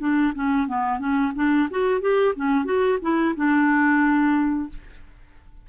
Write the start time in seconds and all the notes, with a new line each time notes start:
0.00 D4
0.35 C#4
0.68 B3
1.00 C#4
1.36 D4
1.71 F#4
2.02 G4
2.36 C#4
2.65 F#4
3.02 E4
3.36 D4